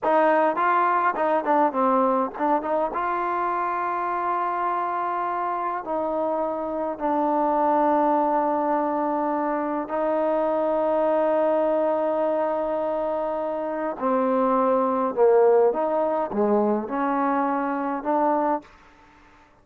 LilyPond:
\new Staff \with { instrumentName = "trombone" } { \time 4/4 \tempo 4 = 103 dis'4 f'4 dis'8 d'8 c'4 | d'8 dis'8 f'2.~ | f'2 dis'2 | d'1~ |
d'4 dis'2.~ | dis'1 | c'2 ais4 dis'4 | gis4 cis'2 d'4 | }